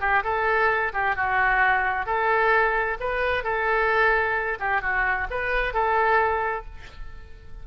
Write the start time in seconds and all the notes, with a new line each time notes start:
0.00 G4
0.24 A4
0.93 G4
1.15 F#4
2.06 A4
3.00 B4
3.44 A4
4.59 G4
4.81 F#4
5.30 B4
5.73 A4